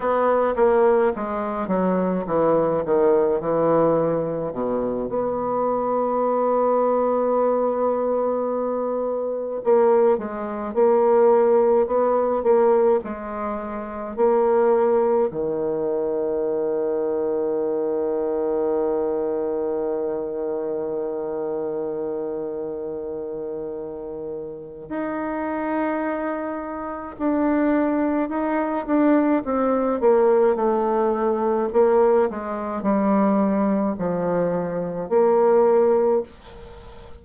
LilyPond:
\new Staff \with { instrumentName = "bassoon" } { \time 4/4 \tempo 4 = 53 b8 ais8 gis8 fis8 e8 dis8 e4 | b,8 b2.~ b8~ | b8 ais8 gis8 ais4 b8 ais8 gis8~ | gis8 ais4 dis2~ dis8~ |
dis1~ | dis2 dis'2 | d'4 dis'8 d'8 c'8 ais8 a4 | ais8 gis8 g4 f4 ais4 | }